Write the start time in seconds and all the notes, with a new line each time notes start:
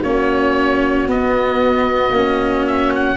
0.00 A#3 C#4 F#4 C#5
1.07 B3 D#5
2.10 A#3 C#4
2.66 E5
2.95 F#5